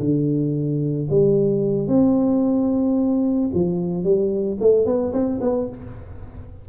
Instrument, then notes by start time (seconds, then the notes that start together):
tuba
0.00 D3
1.10 G3
1.88 C4
3.55 F3
4.04 G3
4.61 A3
4.86 B3
5.13 C4
5.42 B3